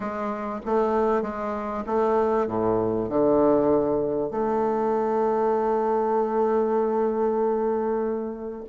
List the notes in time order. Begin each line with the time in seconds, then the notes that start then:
0.00 G#3
0.65 A3
1.22 G#3
1.86 A3
2.47 A2
3.09 D3
4.30 A3